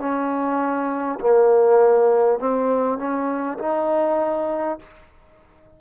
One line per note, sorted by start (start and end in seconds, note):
0.00 1.20 C#4
1.21 2.39 A#3
2.39 2.98 C4
2.98 3.58 C#4
3.59 4.79 D#4